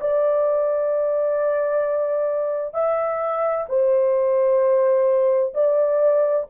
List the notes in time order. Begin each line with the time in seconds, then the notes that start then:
0.00 D5
2.74 E5
3.69 C5
5.54 D5